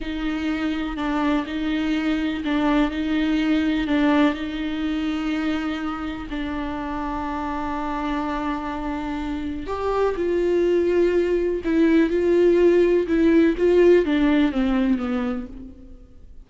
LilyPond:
\new Staff \with { instrumentName = "viola" } { \time 4/4 \tempo 4 = 124 dis'2 d'4 dis'4~ | dis'4 d'4 dis'2 | d'4 dis'2.~ | dis'4 d'2.~ |
d'1 | g'4 f'2. | e'4 f'2 e'4 | f'4 d'4 c'4 b4 | }